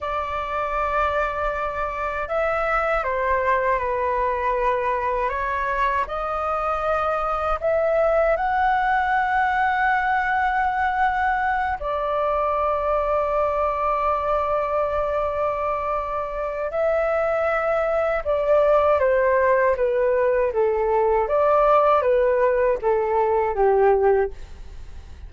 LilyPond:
\new Staff \with { instrumentName = "flute" } { \time 4/4 \tempo 4 = 79 d''2. e''4 | c''4 b'2 cis''4 | dis''2 e''4 fis''4~ | fis''2.~ fis''8 d''8~ |
d''1~ | d''2 e''2 | d''4 c''4 b'4 a'4 | d''4 b'4 a'4 g'4 | }